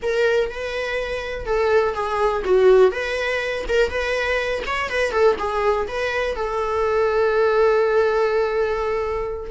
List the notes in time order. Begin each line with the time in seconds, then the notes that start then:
0.02 A#4
0.50 B4
1.45 A4
1.94 G#4
2.44 F#4
2.91 B4
3.68 A#4
3.89 B4
4.66 C#5
4.89 B4
5.11 A4
5.38 G#4
5.88 B4
6.35 A4